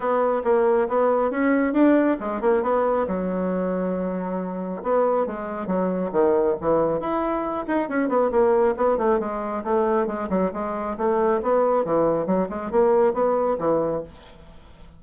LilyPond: \new Staff \with { instrumentName = "bassoon" } { \time 4/4 \tempo 4 = 137 b4 ais4 b4 cis'4 | d'4 gis8 ais8 b4 fis4~ | fis2. b4 | gis4 fis4 dis4 e4 |
e'4. dis'8 cis'8 b8 ais4 | b8 a8 gis4 a4 gis8 fis8 | gis4 a4 b4 e4 | fis8 gis8 ais4 b4 e4 | }